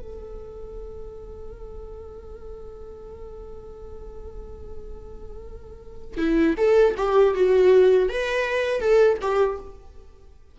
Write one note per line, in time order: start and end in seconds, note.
0.00 6.17 A4
6.17 6.55 E4
6.58 6.95 A4
6.97 7.35 G4
7.35 8.09 F#4
8.09 8.81 B4
8.81 9.18 A4
9.21 9.59 G4